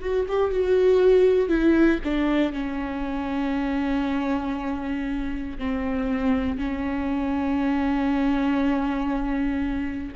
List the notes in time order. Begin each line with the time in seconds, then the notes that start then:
0.00 F#4
0.28 G4
0.51 F#4
1.48 E4
2.04 D4
2.52 C#4
5.58 C4
6.57 C#4